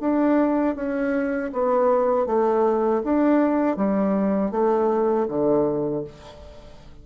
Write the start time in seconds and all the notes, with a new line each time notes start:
0.00 D4
0.75 C#4
1.52 B3
2.26 A3
3.04 D4
3.76 G3
4.51 A3
5.28 D3